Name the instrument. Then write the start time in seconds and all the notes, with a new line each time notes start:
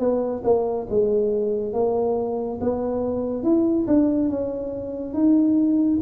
tuba
0.00 B3
0.44 A#3
0.90 G#3
1.74 A#3
2.61 B3
3.44 E4
3.88 D4
4.30 C#4
5.14 D#4